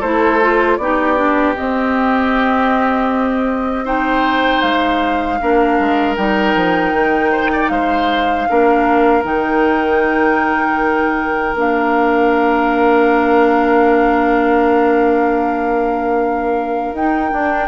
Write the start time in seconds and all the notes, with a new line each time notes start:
0.00 A3 E4 A4 C5
0.42 F4
0.77 B3 D#4 G4 D5
1.17 D4
1.56 C4 D#5
3.85 D#4 C5 G5
4.61 G#3 F5
5.41 A#3 D4 A#4
5.79 G#3
6.16 G3 D#4 G5
6.55 F3
6.93 D#3
7.32 C5
7.53 D5
7.69 G#3 C5 F5
8.49 A#3 D4 A#4
9.23 D#3 D#4 G5
11.54 A#3 D4 F5
16.93 D#4 G5
17.30 D4